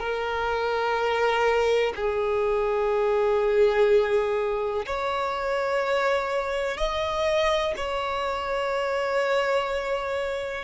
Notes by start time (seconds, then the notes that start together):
0.00 A#4
1.96 G#4
4.87 C#5
6.78 D#5
7.77 C#5